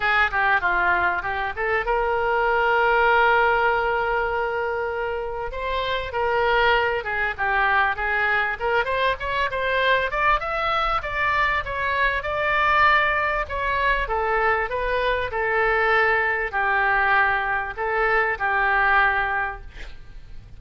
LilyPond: \new Staff \with { instrumentName = "oboe" } { \time 4/4 \tempo 4 = 98 gis'8 g'8 f'4 g'8 a'8 ais'4~ | ais'1~ | ais'4 c''4 ais'4. gis'8 | g'4 gis'4 ais'8 c''8 cis''8 c''8~ |
c''8 d''8 e''4 d''4 cis''4 | d''2 cis''4 a'4 | b'4 a'2 g'4~ | g'4 a'4 g'2 | }